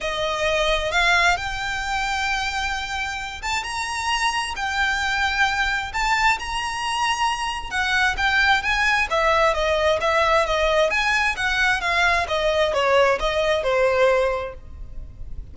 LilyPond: \new Staff \with { instrumentName = "violin" } { \time 4/4 \tempo 4 = 132 dis''2 f''4 g''4~ | g''2.~ g''8 a''8 | ais''2 g''2~ | g''4 a''4 ais''2~ |
ais''4 fis''4 g''4 gis''4 | e''4 dis''4 e''4 dis''4 | gis''4 fis''4 f''4 dis''4 | cis''4 dis''4 c''2 | }